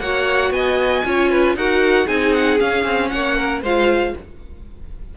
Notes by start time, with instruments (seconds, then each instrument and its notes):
0.00 cello A#3, viola F#4, violin C#5 F#5
0.51 cello B3, violin D#5 G#5
1.05 cello C#4, viola F4, violin C#5
1.30 violin B4
1.55 cello D#4, viola F#4, violin A#4 F#5
2.06 cello C4, viola D#4, violin G#4 G#5
2.33 violin F#5
2.59 viola C#4, cello C#4, violin F5
2.85 cello C4
3.09 cello A#3, violin C#5 F#5
3.37 violin A#4
3.62 cello G#3, viola F4, violin C5 F5